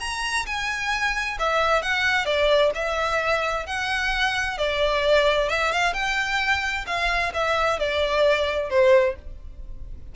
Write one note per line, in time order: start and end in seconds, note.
0.00 0.46 A#5
0.46 1.38 G#5
1.39 1.82 E5
1.82 2.25 F#5
2.25 2.71 D5
2.75 3.66 E5
3.67 4.58 F#5
4.58 5.49 D5
5.49 5.72 E5
5.72 5.93 F5
5.93 6.85 G5
6.87 7.32 F5
7.34 7.79 E5
7.79 8.70 D5
8.70 9.16 C5